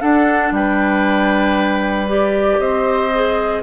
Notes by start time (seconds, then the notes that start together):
0.00 D4 A4 F#5
0.51 G3 B4 G5
2.07 G4 D5
2.59 C4 C5 D#5
3.13 G#4